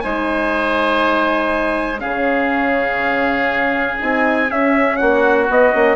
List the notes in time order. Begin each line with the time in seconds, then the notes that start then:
0.00 G#3 D#4 C5 G#5
1.98 C#3 C#4 G#4 F5
3.99 C4 D#4 G#5
4.50 C#4 E5
4.96 A#3 F#4 F#5
5.49 B3 D#5
5.71 A#3 C#4